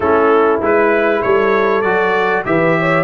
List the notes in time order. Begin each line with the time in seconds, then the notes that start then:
0.00 A3 C#4 E4 A4
0.61 G#3 E4 B4
1.22 G3 A4 C#5
1.81 F#3 F#4 D5
2.45 E3 G4 B4 E5
2.79 C#5